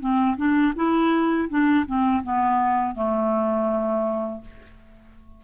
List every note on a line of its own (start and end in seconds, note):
0.00 0.37 C4
0.37 0.74 D4
0.76 1.49 E4
1.49 1.86 D4
1.87 2.23 C4
2.24 2.95 B3
2.95 4.41 A3